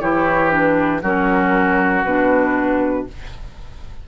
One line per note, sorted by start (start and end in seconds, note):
0.00 1.02 E3
0.00 0.50 E4
0.00 1.01 G4
0.00 0.50 C#5
0.50 1.00 D4
0.50 1.00 B4
1.01 2.04 F#3
1.01 2.06 C#4
1.01 3.05 F#4
1.01 2.04 A#4
2.04 3.06 B2
2.04 3.07 D4
2.04 3.06 B4